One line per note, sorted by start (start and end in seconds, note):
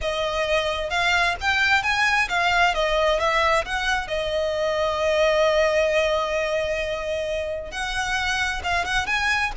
0.01 0.90 D#5
0.90 1.35 F5
1.40 1.83 G5
1.83 2.28 G#5
2.29 2.74 F5
2.74 3.19 D#5
3.19 3.64 E5
3.65 4.07 F#5
4.07 7.71 D#5
7.71 8.62 F#5
8.63 8.85 F5
8.85 9.06 F#5
9.06 9.51 G#5